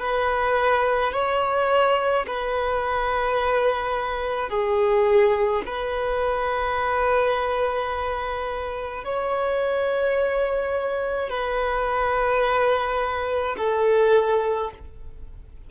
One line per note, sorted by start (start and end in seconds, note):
0.00 1.13 B4
1.13 2.26 C#5
2.27 4.50 B4
4.50 5.63 G#4
5.66 9.04 B4
9.04 11.30 C#5
11.30 13.56 B4
13.57 14.71 A4